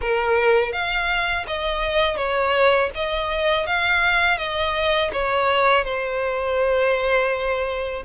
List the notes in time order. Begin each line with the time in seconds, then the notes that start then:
0.01 A#4
0.72 F5
1.47 D#5
2.17 C#5
2.94 D#5
3.66 F5
4.37 D#5
5.13 C#5
5.84 C5